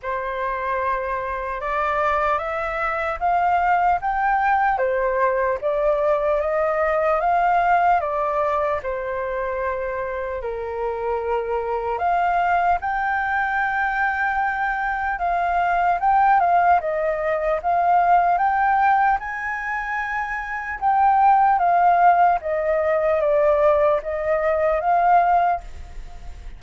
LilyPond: \new Staff \with { instrumentName = "flute" } { \time 4/4 \tempo 4 = 75 c''2 d''4 e''4 | f''4 g''4 c''4 d''4 | dis''4 f''4 d''4 c''4~ | c''4 ais'2 f''4 |
g''2. f''4 | g''8 f''8 dis''4 f''4 g''4 | gis''2 g''4 f''4 | dis''4 d''4 dis''4 f''4 | }